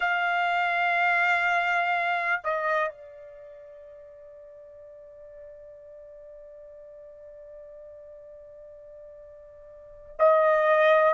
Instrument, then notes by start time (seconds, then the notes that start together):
trumpet
0.00 F5
2.43 D#5
2.89 D5
10.19 D#5